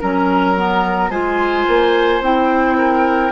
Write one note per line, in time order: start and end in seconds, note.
0.00 1.10 F#3
0.00 0.56 C#4
0.00 1.10 A#4
0.00 1.11 A#5
0.56 1.11 B3
1.10 1.65 G#3
1.10 2.22 F4
1.10 2.77 C5
1.10 2.22 G#5
1.68 2.21 A#3
2.21 3.32 C4
2.21 3.32 E4
2.21 3.32 G5
2.78 3.32 A#4